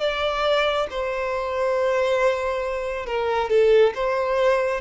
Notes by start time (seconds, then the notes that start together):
0.00 D5
0.91 C5
3.06 A#4
3.50 A4
3.95 C5